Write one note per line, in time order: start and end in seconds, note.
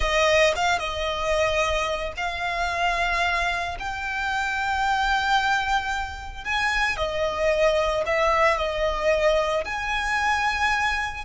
0.00 0.53 D#5
0.55 0.79 F5
0.79 2.13 D#5
2.16 3.77 F5
3.79 6.44 G5
6.44 6.96 G#5
6.96 8.04 D#5
8.06 8.57 E5
8.57 9.64 D#5
9.64 11.24 G#5